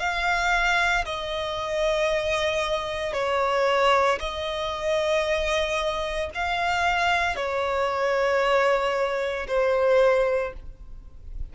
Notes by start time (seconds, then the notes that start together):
0.00 F5
1.06 D#5
3.13 C#5
4.20 D#5
6.34 F5
7.36 C#5
9.48 C5